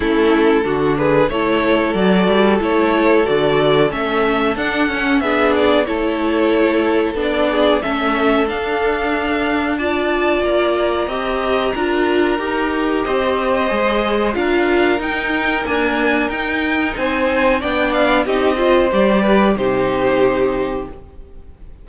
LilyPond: <<
  \new Staff \with { instrumentName = "violin" } { \time 4/4 \tempo 4 = 92 a'4. b'8 cis''4 d''4 | cis''4 d''4 e''4 fis''4 | e''8 d''8 cis''2 d''4 | e''4 f''2 a''4 |
ais''1 | dis''2 f''4 g''4 | gis''4 g''4 gis''4 g''8 f''8 | dis''4 d''4 c''2 | }
  \new Staff \with { instrumentName = "violin" } { \time 4/4 e'4 fis'8 gis'8 a'2~ | a'1 | gis'4 a'2~ a'8 gis'8 | a'2. d''4~ |
d''4 dis''4 ais'2 | c''2 ais'2~ | ais'2 c''4 d''4 | g'8 c''4 b'8 g'2 | }
  \new Staff \with { instrumentName = "viola" } { \time 4/4 cis'4 d'4 e'4 fis'4 | e'4 fis'4 cis'4 d'8 cis'8 | d'4 e'2 d'4 | cis'4 d'2 f'4~ |
f'4 g'4 f'4 g'4~ | g'4 gis'4 f'4 dis'4 | ais4 dis'2 d'4 | dis'8 f'8 g'4 dis'2 | }
  \new Staff \with { instrumentName = "cello" } { \time 4/4 a4 d4 a4 fis8 g8 | a4 d4 a4 d'8 cis'8 | b4 a2 b4 | a4 d'2. |
ais4 c'4 d'4 dis'4 | c'4 gis4 d'4 dis'4 | d'4 dis'4 c'4 b4 | c'4 g4 c2 | }
>>